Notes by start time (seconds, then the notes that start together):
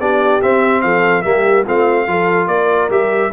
0.00 B3 D4 G4 D5
0.42 C4 E5
0.82 F3 A4 F5
1.22 G3 A#3 G4 E5
1.64 A3 C4 F4 F5
2.07 F3 F4 A4
2.47 A#3 A#4 D5
2.89 G3 G4 E5